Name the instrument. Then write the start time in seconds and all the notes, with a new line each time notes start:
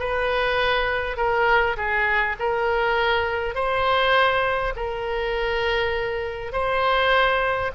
oboe
0.00 B4
1.17 A#4
1.77 G#4
2.40 A#4
3.55 C5
4.77 A#4
6.53 C5